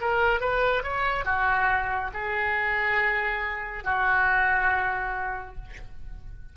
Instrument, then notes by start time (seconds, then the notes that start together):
oboe
0.00 A#4
0.40 B4
0.83 C#5
1.24 F#4
2.13 G#4
3.84 F#4